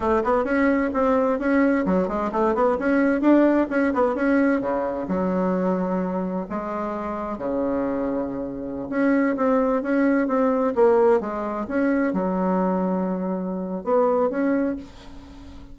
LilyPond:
\new Staff \with { instrumentName = "bassoon" } { \time 4/4 \tempo 4 = 130 a8 b8 cis'4 c'4 cis'4 | fis8 gis8 a8 b8 cis'4 d'4 | cis'8 b8 cis'4 cis4 fis4~ | fis2 gis2 |
cis2.~ cis16 cis'8.~ | cis'16 c'4 cis'4 c'4 ais8.~ | ais16 gis4 cis'4 fis4.~ fis16~ | fis2 b4 cis'4 | }